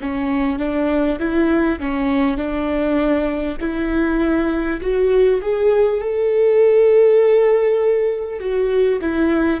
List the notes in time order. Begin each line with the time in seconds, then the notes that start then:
0.00 C#4
0.58 D4
1.19 E4
1.79 C#4
2.37 D4
3.60 E4
4.81 F#4
5.41 G#4
6.01 A4
8.39 F#4
9.01 E4